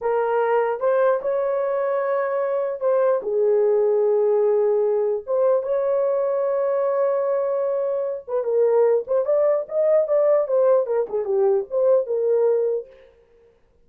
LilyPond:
\new Staff \with { instrumentName = "horn" } { \time 4/4 \tempo 4 = 149 ais'2 c''4 cis''4~ | cis''2. c''4 | gis'1~ | gis'4 c''4 cis''2~ |
cis''1~ | cis''8 b'8 ais'4. c''8 d''4 | dis''4 d''4 c''4 ais'8 gis'8 | g'4 c''4 ais'2 | }